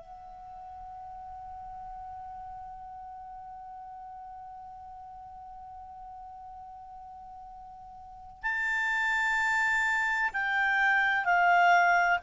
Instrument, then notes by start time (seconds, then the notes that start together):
clarinet
0.00 F#5
8.42 A5
10.33 G5
11.25 F5